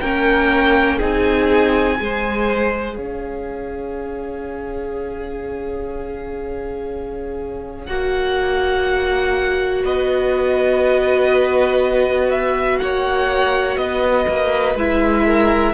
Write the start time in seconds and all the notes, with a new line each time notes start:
0.00 A#3 C#4 A#4 G5
0.97 C4 D#4 G#4 G#5
1.96 G#3 G#4
2.03 C5
2.95 C#4 C#5 F5
7.86 A#3 F#4 F#5
9.84 B3 B4 D#5
12.30 E5
12.79 A#3 C#5 F#5
13.77 B3 B4 D#5
14.28 A#3
14.75 G#3 E4 E5
15.25 A#4